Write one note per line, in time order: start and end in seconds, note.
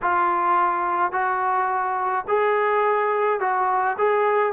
0.02 1.12 F4
1.12 2.25 F#4
2.27 3.40 G#4
3.40 3.96 F#4
3.98 4.52 G#4